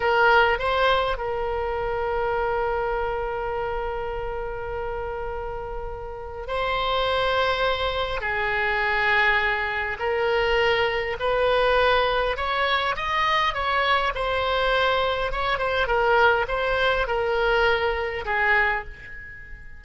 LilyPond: \new Staff \with { instrumentName = "oboe" } { \time 4/4 \tempo 4 = 102 ais'4 c''4 ais'2~ | ais'1~ | ais'2. c''4~ | c''2 gis'2~ |
gis'4 ais'2 b'4~ | b'4 cis''4 dis''4 cis''4 | c''2 cis''8 c''8 ais'4 | c''4 ais'2 gis'4 | }